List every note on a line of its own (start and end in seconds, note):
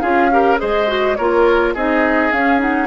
0.00 0.60 C#4
0.00 0.31 F4
0.00 0.30 G#4
0.00 0.57 F5
0.31 0.57 G4
0.31 0.60 A#4
0.57 1.18 G#3
0.57 0.86 G#4
0.57 1.17 C5
0.57 1.16 D#5
0.87 1.15 F#4
1.16 1.75 A#3
1.16 1.76 F4
1.16 1.74 A#4
1.16 1.73 C#5
1.74 2.32 C4
1.74 2.32 D#4
1.74 2.87 G#4
1.74 2.32 D#5
2.32 2.58 C#4
2.32 2.87 C#4
2.32 2.60 F5
2.58 2.87 D#4
2.58 2.87 F#5